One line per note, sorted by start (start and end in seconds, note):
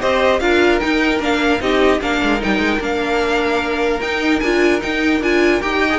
0.00 0.40 C4
0.00 0.40 G4
0.00 0.40 C5
0.00 0.40 D#5
0.40 0.80 D4
0.40 0.80 F4
0.40 1.61 A#4
0.40 0.80 F5
0.80 1.19 D#4
0.80 1.20 G5
1.19 1.59 A#3
1.19 1.59 D4
1.19 1.61 F5
1.59 2.00 C4
1.59 1.99 D#4
1.59 2.01 G4
1.59 2.01 D#5
2.01 2.21 A#3
2.01 2.39 D4
2.01 5.79 A#4
2.01 2.42 F5
2.22 2.42 G#3
2.39 2.58 G3
2.39 2.79 D#4
2.39 2.82 G5
2.58 2.79 G#3
2.80 4.00 A#3
2.80 4.00 D4
2.80 4.01 F5
4.01 4.41 D#4
4.01 4.42 D#4
4.01 4.40 G5
4.40 4.83 D4
4.40 4.80 F4
4.40 4.80 G#5
4.80 5.20 D#4
4.80 5.21 D#4
4.80 5.22 G5
5.21 5.61 D4
5.21 5.61 F4
5.21 5.62 G#5
5.61 5.99 D#4
5.61 5.90 G4
5.61 5.99 G5
5.79 5.99 D#5
5.90 5.99 G#4